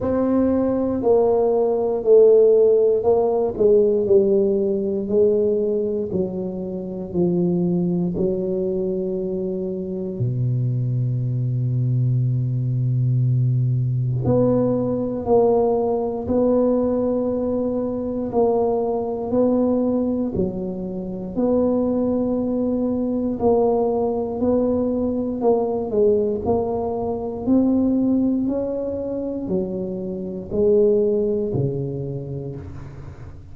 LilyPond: \new Staff \with { instrumentName = "tuba" } { \time 4/4 \tempo 4 = 59 c'4 ais4 a4 ais8 gis8 | g4 gis4 fis4 f4 | fis2 b,2~ | b,2 b4 ais4 |
b2 ais4 b4 | fis4 b2 ais4 | b4 ais8 gis8 ais4 c'4 | cis'4 fis4 gis4 cis4 | }